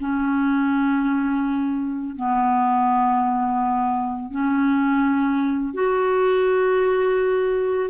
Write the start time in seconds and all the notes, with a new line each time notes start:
0.00 C#4
2.16 B3
4.31 C#4
5.74 F#4